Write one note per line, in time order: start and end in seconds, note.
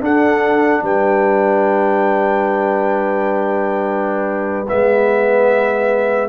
0.00 4.66 D4
0.00 0.82 D4
0.00 0.83 A4
0.00 0.84 F#5
0.82 4.67 G3
0.82 6.29 B4
0.82 4.68 G5
4.68 6.29 G#3
4.68 6.29 B3
4.68 6.29 E5